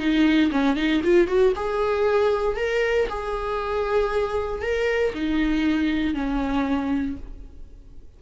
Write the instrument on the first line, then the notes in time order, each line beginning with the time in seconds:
viola
0.00 D#4
0.52 C#4
0.77 D#4
1.04 F4
1.28 F#4
1.56 G#4
2.57 A#4
3.09 G#4
4.62 A#4
5.14 D#4
6.14 C#4